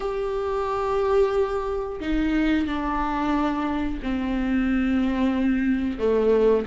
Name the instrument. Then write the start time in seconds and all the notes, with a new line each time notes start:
viola
0.00 G4
2.00 D#4
2.66 D4
4.02 C4
5.98 A3